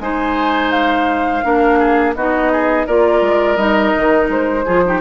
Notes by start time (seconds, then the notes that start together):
0.00 G#3 D#4 C5 G#5
0.71 F5
1.43 A#3 D4 A#4
1.79 G#4
2.15 B3 D#4 F#4 D#5
2.52 G#4
2.86 A#3 F4 A#4 D5
3.21 G#3
3.56 G3 D#4 D#5
3.97 D#3
4.28 G#3 C5
4.65 F3 F4 G#4
4.85 D#4 G4